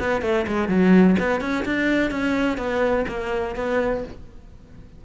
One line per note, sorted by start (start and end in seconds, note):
0.00 0.22 B3
0.22 0.46 A3
0.48 0.69 G#3
0.69 1.16 F#3
1.19 1.41 B3
1.41 1.65 C#4
1.66 2.11 D4
2.11 2.58 C#4
2.58 3.06 B3
3.08 3.56 A#3
3.56 4.04 B3